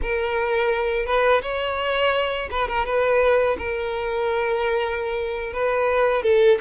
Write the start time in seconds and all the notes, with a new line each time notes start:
0.02 A#4
1.06 B4
1.42 C#5
2.50 B4
2.68 A#4
2.85 B4
3.57 A#4
5.53 B4
6.22 A4